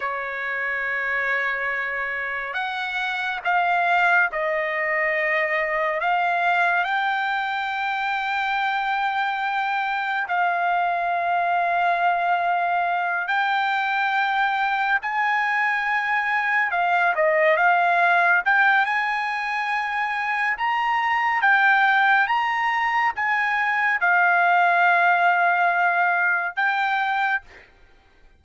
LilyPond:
\new Staff \with { instrumentName = "trumpet" } { \time 4/4 \tempo 4 = 70 cis''2. fis''4 | f''4 dis''2 f''4 | g''1 | f''2.~ f''8 g''8~ |
g''4. gis''2 f''8 | dis''8 f''4 g''8 gis''2 | ais''4 g''4 ais''4 gis''4 | f''2. g''4 | }